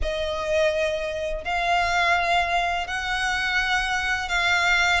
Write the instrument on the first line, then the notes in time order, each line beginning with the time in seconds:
violin
0.02 D#5
1.44 F5
2.87 F#5
4.29 F5